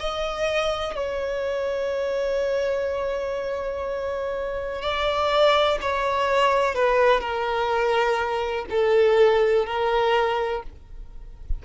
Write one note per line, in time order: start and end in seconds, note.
0.00 0.96 D#5
0.96 4.82 C#5
4.82 5.79 D5
5.82 6.75 C#5
6.75 7.21 B4
7.21 8.66 A#4
8.71 9.66 A4
9.66 10.63 A#4